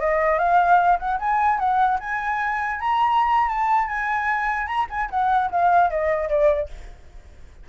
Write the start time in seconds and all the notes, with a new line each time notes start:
0.00 D#5
0.39 F5
0.99 F#5
1.19 G#5
1.59 F#5
2.00 G#5
2.80 A#5
3.49 A5
3.88 G#5
4.67 A#5
4.90 G#5
5.11 F#5
5.51 F5
5.90 D#5
6.29 D5